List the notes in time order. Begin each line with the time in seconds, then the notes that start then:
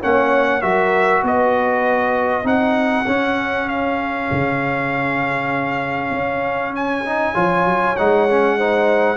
0.00 A#3 C#4 C#5 F#5
0.61 F#3 F#4 A#4 E5
1.22 B3 B4 D#5
2.43 C4 D#4 G#4 F#5
3.07 C#4
3.68 F5
4.31 C#3
6.10 C#4
6.75 G#5
7.05 D#4
7.33 F3 F4 C#5
7.65 F#3
7.96 G#3 D#4 F#5
8.29 C#4
8.57 D#4 C5